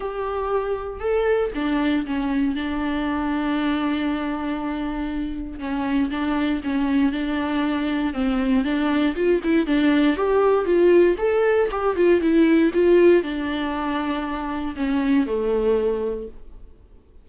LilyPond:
\new Staff \with { instrumentName = "viola" } { \time 4/4 \tempo 4 = 118 g'2 a'4 d'4 | cis'4 d'2.~ | d'2. cis'4 | d'4 cis'4 d'2 |
c'4 d'4 f'8 e'8 d'4 | g'4 f'4 a'4 g'8 f'8 | e'4 f'4 d'2~ | d'4 cis'4 a2 | }